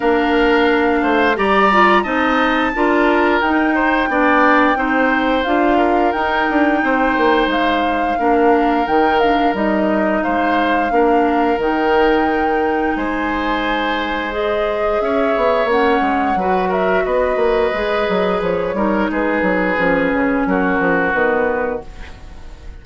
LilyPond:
<<
  \new Staff \with { instrumentName = "flute" } { \time 4/4 \tempo 4 = 88 f''2 ais''4 a''4~ | a''4 g''2. | f''4 g''2 f''4~ | f''4 g''8 f''8 dis''4 f''4~ |
f''4 g''2 gis''4~ | gis''4 dis''4 e''4 fis''4~ | fis''8 e''8 dis''2 cis''4 | b'2 ais'4 b'4 | }
  \new Staff \with { instrumentName = "oboe" } { \time 4/4 ais'4. c''8 d''4 dis''4 | ais'4. c''8 d''4 c''4~ | c''8 ais'4. c''2 | ais'2. c''4 |
ais'2. c''4~ | c''2 cis''2 | b'8 ais'8 b'2~ b'8 ais'8 | gis'2 fis'2 | }
  \new Staff \with { instrumentName = "clarinet" } { \time 4/4 d'2 g'8 f'8 dis'4 | f'4 dis'4 d'4 dis'4 | f'4 dis'2. | d'4 dis'8 d'8 dis'2 |
d'4 dis'2.~ | dis'4 gis'2 cis'4 | fis'2 gis'4. dis'8~ | dis'4 cis'2 b4 | }
  \new Staff \with { instrumentName = "bassoon" } { \time 4/4 ais4. a8 g4 c'4 | d'4 dis'4 b4 c'4 | d'4 dis'8 d'8 c'8 ais8 gis4 | ais4 dis4 g4 gis4 |
ais4 dis2 gis4~ | gis2 cis'8 b8 ais8 gis8 | fis4 b8 ais8 gis8 fis8 f8 g8 | gis8 fis8 f8 cis8 fis8 f8 dis4 | }
>>